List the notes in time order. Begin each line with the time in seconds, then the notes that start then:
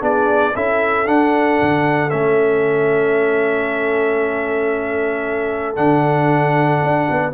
0.00 B3 D4 G#4 D5
0.55 C#4 E4 A4 E5
1.06 D4 F#5
1.62 D3
2.10 A3 C#4 E5
5.76 D3 D4 F#5
6.83 D4
7.10 B3